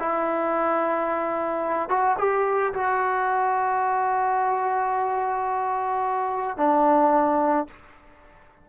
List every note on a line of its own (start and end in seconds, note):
0.00 1.90 E4
1.90 2.17 F#4
2.19 2.74 G4
2.74 6.57 F#4
6.57 7.67 D4